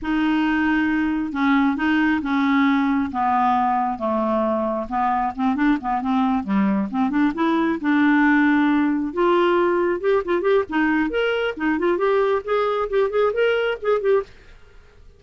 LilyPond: \new Staff \with { instrumentName = "clarinet" } { \time 4/4 \tempo 4 = 135 dis'2. cis'4 | dis'4 cis'2 b4~ | b4 a2 b4 | c'8 d'8 b8 c'4 g4 c'8 |
d'8 e'4 d'2~ d'8~ | d'8 f'2 g'8 f'8 g'8 | dis'4 ais'4 dis'8 f'8 g'4 | gis'4 g'8 gis'8 ais'4 gis'8 g'8 | }